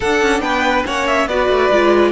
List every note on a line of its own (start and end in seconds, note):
0.00 0.22 D4
0.00 0.86 D4
0.00 0.41 A4
0.00 0.40 F#5
0.22 0.40 C#4
0.40 0.83 B3
0.40 0.86 B4
0.40 0.83 G5
0.86 1.26 A#3
0.86 1.28 C#4
0.86 1.28 C#5
0.86 1.06 F#5
1.06 1.27 E5
1.26 1.48 B3
1.26 1.72 F#4
1.26 2.11 B4
1.26 2.11 D5
1.49 1.70 A3
1.71 2.11 G#3
1.71 2.11 F4